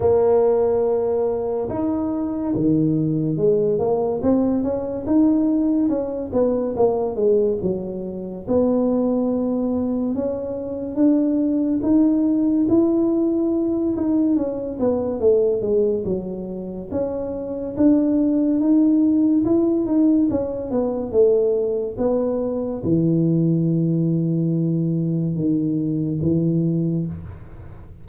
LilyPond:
\new Staff \with { instrumentName = "tuba" } { \time 4/4 \tempo 4 = 71 ais2 dis'4 dis4 | gis8 ais8 c'8 cis'8 dis'4 cis'8 b8 | ais8 gis8 fis4 b2 | cis'4 d'4 dis'4 e'4~ |
e'8 dis'8 cis'8 b8 a8 gis8 fis4 | cis'4 d'4 dis'4 e'8 dis'8 | cis'8 b8 a4 b4 e4~ | e2 dis4 e4 | }